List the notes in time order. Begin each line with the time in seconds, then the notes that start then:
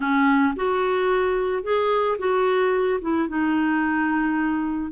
0.00 C#4
0.56 F#4
1.63 G#4
2.18 F#4
3.01 E4
3.28 D#4